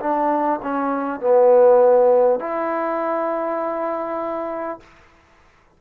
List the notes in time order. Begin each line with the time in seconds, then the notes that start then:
0.00 D4
0.63 C#4
1.21 B3
2.40 E4